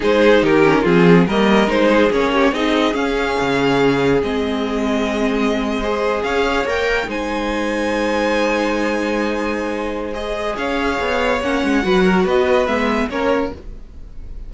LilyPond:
<<
  \new Staff \with { instrumentName = "violin" } { \time 4/4 \tempo 4 = 142 c''4 ais'4 gis'4 dis''4 | c''4 cis''4 dis''4 f''4~ | f''2 dis''2~ | dis''2~ dis''8. f''4 g''16~ |
g''8. gis''2.~ gis''16~ | gis''1 | dis''4 f''2 fis''4~ | fis''4 dis''4 e''4 cis''4 | }
  \new Staff \with { instrumentName = "violin" } { \time 4/4 gis'4 g'4 f'4 ais'4~ | ais'8 gis'4 g'8 gis'2~ | gis'1~ | gis'4.~ gis'16 c''4 cis''4~ cis''16~ |
cis''8. c''2.~ c''16~ | c''1~ | c''4 cis''2. | b'8 ais'8 b'2 ais'4 | }
  \new Staff \with { instrumentName = "viola" } { \time 4/4 dis'4. cis'8 c'4 ais4 | dis'4 cis'4 dis'4 cis'4~ | cis'2 c'2~ | c'4.~ c'16 gis'2 ais'16~ |
ais'8. dis'2.~ dis'16~ | dis'1 | gis'2. cis'4 | fis'2 b4 cis'4 | }
  \new Staff \with { instrumentName = "cello" } { \time 4/4 gis4 dis4 f4 g4 | gis4 ais4 c'4 cis'4 | cis2 gis2~ | gis2~ gis8. cis'4 ais16~ |
ais8. gis2.~ gis16~ | gis1~ | gis4 cis'4 b4 ais8 gis8 | fis4 b4 gis4 ais4 | }
>>